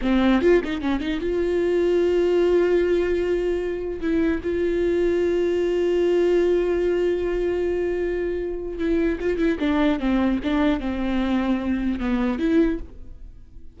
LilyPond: \new Staff \with { instrumentName = "viola" } { \time 4/4 \tempo 4 = 150 c'4 f'8 dis'8 cis'8 dis'8 f'4~ | f'1~ | f'2 e'4 f'4~ | f'1~ |
f'1~ | f'2 e'4 f'8 e'8 | d'4 c'4 d'4 c'4~ | c'2 b4 e'4 | }